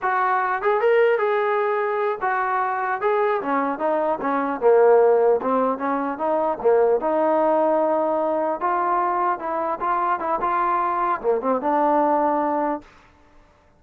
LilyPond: \new Staff \with { instrumentName = "trombone" } { \time 4/4 \tempo 4 = 150 fis'4. gis'8 ais'4 gis'4~ | gis'4. fis'2 gis'8~ | gis'8 cis'4 dis'4 cis'4 ais8~ | ais4. c'4 cis'4 dis'8~ |
dis'8 ais4 dis'2~ dis'8~ | dis'4. f'2 e'8~ | e'8 f'4 e'8 f'2 | ais8 c'8 d'2. | }